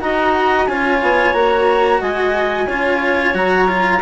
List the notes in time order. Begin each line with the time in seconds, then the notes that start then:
0.00 D#4 F#4 D#5 A#5
0.66 C#4 F4 C#5 G#5
1.01 B3
1.33 A#3 F#4 A#5
2.00 G#3 D#5 G#5
2.67 C#4 F4 C#5
3.33 F#3 F#4 A#5
3.67 F4